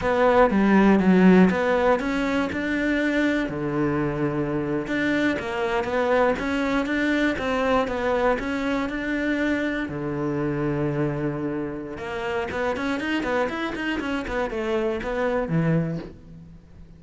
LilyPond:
\new Staff \with { instrumentName = "cello" } { \time 4/4 \tempo 4 = 120 b4 g4 fis4 b4 | cis'4 d'2 d4~ | d4.~ d16 d'4 ais4 b16~ | b8. cis'4 d'4 c'4 b16~ |
b8. cis'4 d'2 d16~ | d1 | ais4 b8 cis'8 dis'8 b8 e'8 dis'8 | cis'8 b8 a4 b4 e4 | }